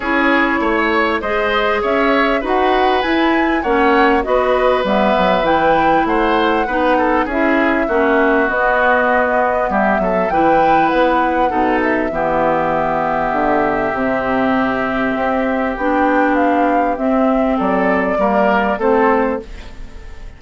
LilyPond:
<<
  \new Staff \with { instrumentName = "flute" } { \time 4/4 \tempo 4 = 99 cis''2 dis''4 e''4 | fis''4 gis''4 fis''4 dis''4 | e''4 g''4 fis''2 | e''2 dis''2 |
e''4 g''4 fis''4. e''8~ | e''1~ | e''2 g''4 f''4 | e''4 d''2 c''4 | }
  \new Staff \with { instrumentName = "oboe" } { \time 4/4 gis'4 cis''4 c''4 cis''4 | b'2 cis''4 b'4~ | b'2 c''4 b'8 a'8 | gis'4 fis'2. |
g'8 a'8 b'2 a'4 | g'1~ | g'1~ | g'4 a'4 ais'4 a'4 | }
  \new Staff \with { instrumentName = "clarinet" } { \time 4/4 e'2 gis'2 | fis'4 e'4 cis'4 fis'4 | b4 e'2 dis'4 | e'4 cis'4 b2~ |
b4 e'2 dis'4 | b2. c'4~ | c'2 d'2 | c'2 ais4 c'4 | }
  \new Staff \with { instrumentName = "bassoon" } { \time 4/4 cis'4 a4 gis4 cis'4 | dis'4 e'4 ais4 b4 | g8 fis8 e4 a4 b4 | cis'4 ais4 b2 |
g8 fis8 e4 b4 b,4 | e2 d4 c4~ | c4 c'4 b2 | c'4 fis4 g4 a4 | }
>>